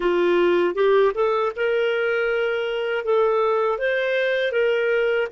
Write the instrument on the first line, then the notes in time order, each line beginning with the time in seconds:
clarinet
0.00 F4
0.74 G4
1.14 A4
1.56 A#4
3.04 A4
3.78 C5
4.52 A#4